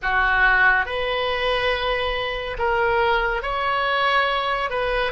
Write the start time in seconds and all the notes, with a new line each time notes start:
0.02 F#4
0.85 B4
2.58 A#4
3.42 C#5
4.69 B4